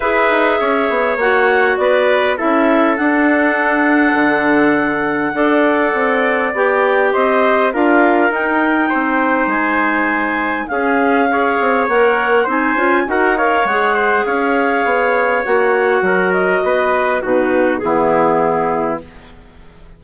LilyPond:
<<
  \new Staff \with { instrumentName = "clarinet" } { \time 4/4 \tempo 4 = 101 e''2 fis''4 d''4 | e''4 fis''2.~ | fis''2. g''4 | dis''4 f''4 g''2 |
gis''2 f''2 | fis''4 gis''4 fis''8 f''8 fis''4 | f''2 fis''4. dis''8~ | dis''4 b'4 gis'2 | }
  \new Staff \with { instrumentName = "trumpet" } { \time 4/4 b'4 cis''2 b'4 | a'1~ | a'4 d''2. | c''4 ais'2 c''4~ |
c''2 gis'4 cis''4~ | cis''4 c''4 ais'8 cis''4 c''8 | cis''2. ais'4 | b'4 fis'4 e'2 | }
  \new Staff \with { instrumentName = "clarinet" } { \time 4/4 gis'2 fis'2 | e'4 d'2.~ | d'4 a'2 g'4~ | g'4 f'4 dis'2~ |
dis'2 cis'4 gis'4 | ais'4 dis'8 f'8 fis'8 ais'8 gis'4~ | gis'2 fis'2~ | fis'4 dis'4 b2 | }
  \new Staff \with { instrumentName = "bassoon" } { \time 4/4 e'8 dis'8 cis'8 b8 ais4 b4 | cis'4 d'2 d4~ | d4 d'4 c'4 b4 | c'4 d'4 dis'4 c'4 |
gis2 cis'4. c'8 | ais4 c'8 cis'8 dis'4 gis4 | cis'4 b4 ais4 fis4 | b4 b,4 e2 | }
>>